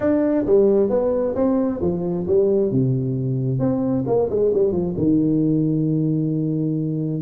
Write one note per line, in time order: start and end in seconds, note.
0.00 0.45 D4
0.46 0.89 G3
0.89 1.34 B3
1.35 1.80 C4
1.81 2.26 F3
2.27 2.71 G3
2.71 3.59 C3
3.59 4.04 C4
4.06 4.29 A#3
4.30 4.52 G#3
4.53 4.72 G3
4.72 4.94 F3
4.97 7.22 D#3